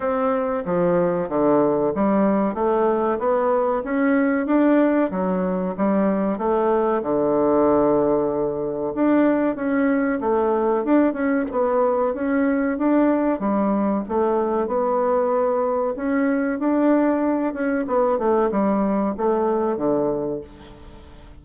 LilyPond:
\new Staff \with { instrumentName = "bassoon" } { \time 4/4 \tempo 4 = 94 c'4 f4 d4 g4 | a4 b4 cis'4 d'4 | fis4 g4 a4 d4~ | d2 d'4 cis'4 |
a4 d'8 cis'8 b4 cis'4 | d'4 g4 a4 b4~ | b4 cis'4 d'4. cis'8 | b8 a8 g4 a4 d4 | }